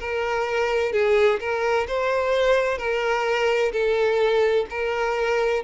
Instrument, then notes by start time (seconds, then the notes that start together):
violin
0.00 A#4
0.93 G#4
1.40 A#4
1.87 C5
2.78 A#4
3.72 A4
4.70 A#4